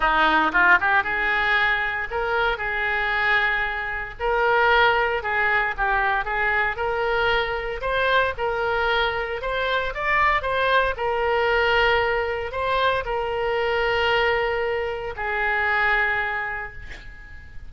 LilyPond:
\new Staff \with { instrumentName = "oboe" } { \time 4/4 \tempo 4 = 115 dis'4 f'8 g'8 gis'2 | ais'4 gis'2. | ais'2 gis'4 g'4 | gis'4 ais'2 c''4 |
ais'2 c''4 d''4 | c''4 ais'2. | c''4 ais'2.~ | ais'4 gis'2. | }